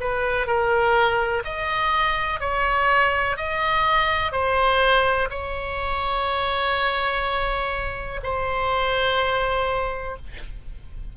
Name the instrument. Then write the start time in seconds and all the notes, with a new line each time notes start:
oboe
0.00 B4
0.47 A#4
1.44 D#5
2.40 C#5
3.37 D#5
4.32 C5
5.30 C#5
8.23 C5